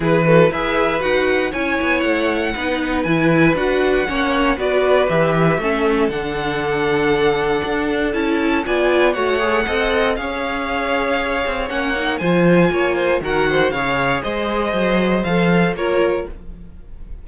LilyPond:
<<
  \new Staff \with { instrumentName = "violin" } { \time 4/4 \tempo 4 = 118 b'4 e''4 fis''4 gis''4 | fis''2 gis''4 fis''4~ | fis''4 d''4 e''2 | fis''1 |
a''4 gis''4 fis''2 | f''2. fis''4 | gis''2 fis''4 f''4 | dis''2 f''4 cis''4 | }
  \new Staff \with { instrumentName = "violin" } { \time 4/4 gis'8 a'8 b'2 cis''4~ | cis''4 b'2. | cis''4 b'2 a'4~ | a'1~ |
a'4 d''4 cis''4 dis''4 | cis''1 | c''4 cis''8 c''8 ais'8 c''8 cis''4 | c''2. ais'4 | }
  \new Staff \with { instrumentName = "viola" } { \time 4/4 e'8 fis'8 gis'4 fis'4 e'4~ | e'4 dis'4 e'4 fis'4 | cis'4 fis'4 g'4 cis'4 | d'1 |
e'4 f'4 fis'8 gis'8 a'4 | gis'2. cis'8 dis'8 | f'2 fis'4 gis'4~ | gis'2 a'4 f'4 | }
  \new Staff \with { instrumentName = "cello" } { \time 4/4 e4 e'4 dis'4 cis'8 b8 | a4 b4 e4 d'4 | ais4 b4 e4 a4 | d2. d'4 |
cis'4 b4 a4 c'4 | cis'2~ cis'8 c'8 ais4 | f4 ais4 dis4 cis4 | gis4 fis4 f4 ais4 | }
>>